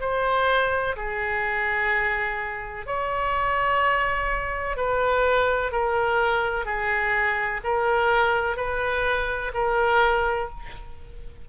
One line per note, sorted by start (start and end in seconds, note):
0.00 0.95 C5
0.96 2.86 G#4
2.86 4.76 C#5
4.76 5.71 B4
5.71 6.65 A#4
6.65 7.61 G#4
7.64 8.56 A#4
8.56 9.52 B4
9.54 10.49 A#4